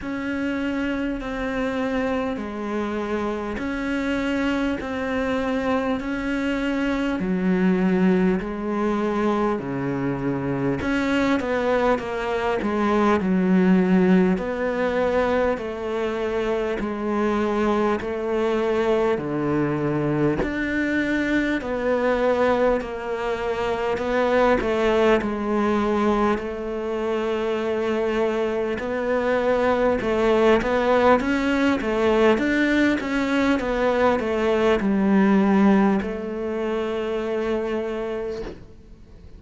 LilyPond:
\new Staff \with { instrumentName = "cello" } { \time 4/4 \tempo 4 = 50 cis'4 c'4 gis4 cis'4 | c'4 cis'4 fis4 gis4 | cis4 cis'8 b8 ais8 gis8 fis4 | b4 a4 gis4 a4 |
d4 d'4 b4 ais4 | b8 a8 gis4 a2 | b4 a8 b8 cis'8 a8 d'8 cis'8 | b8 a8 g4 a2 | }